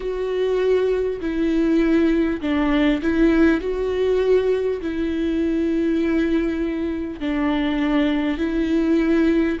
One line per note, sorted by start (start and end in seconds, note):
0.00 1.20 F#4
1.21 2.41 E4
2.41 3.01 D4
3.02 3.60 E4
3.60 4.80 F#4
4.81 7.20 E4
7.20 8.38 D4
8.38 9.58 E4